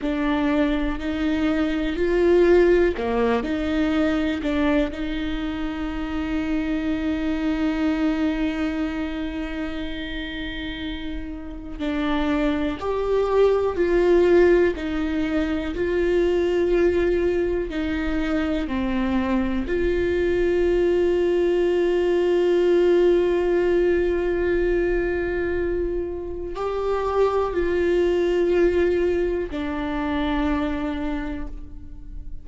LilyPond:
\new Staff \with { instrumentName = "viola" } { \time 4/4 \tempo 4 = 61 d'4 dis'4 f'4 ais8 dis'8~ | dis'8 d'8 dis'2.~ | dis'1 | d'4 g'4 f'4 dis'4 |
f'2 dis'4 c'4 | f'1~ | f'2. g'4 | f'2 d'2 | }